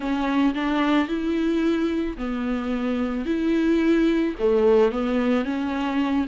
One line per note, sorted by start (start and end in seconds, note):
0.00 0.54 C#4
0.54 1.08 D4
1.08 2.17 E4
2.17 3.25 B3
3.25 4.34 E4
4.39 4.91 A3
4.91 5.44 B3
5.44 6.26 C#4